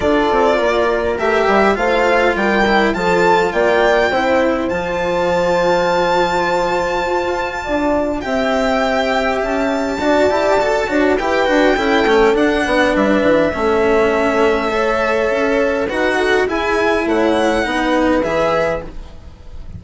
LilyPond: <<
  \new Staff \with { instrumentName = "violin" } { \time 4/4 \tempo 4 = 102 d''2 e''4 f''4 | g''4 a''4 g''2 | a''1~ | a''2 g''2 |
a''2. g''4~ | g''4 fis''4 e''2~ | e''2. fis''4 | gis''4 fis''2 e''4 | }
  \new Staff \with { instrumentName = "horn" } { \time 4/4 a'4 ais'2 c''4 | ais'4 a'4 d''4 c''4~ | c''1~ | c''4 d''4 e''2~ |
e''4 d''4. cis''8 b'4 | a'4. b'4. a'4~ | a'4 cis''2 b'8 a'8 | gis'4 cis''4 b'2 | }
  \new Staff \with { instrumentName = "cello" } { \time 4/4 f'2 g'4 f'4~ | f'8 e'8 f'2 e'4 | f'1~ | f'2 g'2~ |
g'4 fis'8 g'8 a'8 fis'8 g'8 fis'8 | e'8 cis'8 d'2 cis'4~ | cis'4 a'2 fis'4 | e'2 dis'4 gis'4 | }
  \new Staff \with { instrumentName = "bassoon" } { \time 4/4 d'8 c'8 ais4 a8 g8 a4 | g4 f4 ais4 c'4 | f1 | f'4 d'4 c'2 |
cis'4 d'8 e'8 fis'8 d'8 e'8 d'8 | cis'8 a8 d'8 b8 g8 e8 a4~ | a2 cis'4 dis'4 | e'4 a4 b4 e4 | }
>>